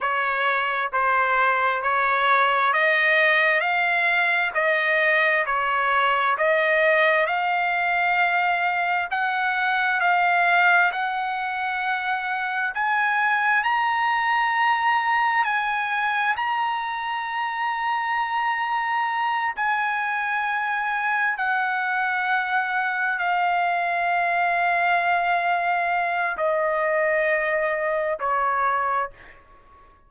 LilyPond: \new Staff \with { instrumentName = "trumpet" } { \time 4/4 \tempo 4 = 66 cis''4 c''4 cis''4 dis''4 | f''4 dis''4 cis''4 dis''4 | f''2 fis''4 f''4 | fis''2 gis''4 ais''4~ |
ais''4 gis''4 ais''2~ | ais''4. gis''2 fis''8~ | fis''4. f''2~ f''8~ | f''4 dis''2 cis''4 | }